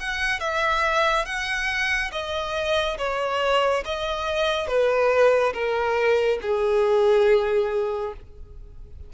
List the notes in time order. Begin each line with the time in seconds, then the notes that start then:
0.00 F#5
0.40 E5
1.25 F#5
2.12 D#5
2.98 C#5
3.85 D#5
4.68 B4
5.53 A#4
6.42 G#4